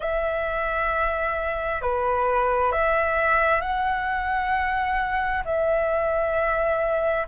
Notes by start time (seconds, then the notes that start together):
0.00 E5
1.81 B4
2.72 E5
3.61 F#5
5.45 E5